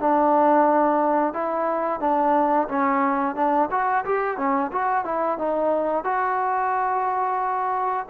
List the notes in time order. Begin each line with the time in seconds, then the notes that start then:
0.00 D4
1.34 E4
2.00 D4
2.68 C#4
3.36 D4
3.71 F#4
4.05 G4
4.37 C#4
4.72 F#4
5.05 E4
5.38 D#4
6.04 F#4